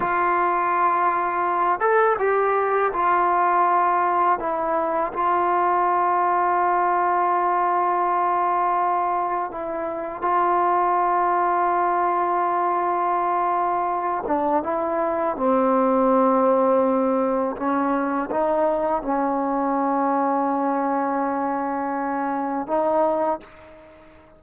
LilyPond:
\new Staff \with { instrumentName = "trombone" } { \time 4/4 \tempo 4 = 82 f'2~ f'8 a'8 g'4 | f'2 e'4 f'4~ | f'1~ | f'4 e'4 f'2~ |
f'2.~ f'8 d'8 | e'4 c'2. | cis'4 dis'4 cis'2~ | cis'2. dis'4 | }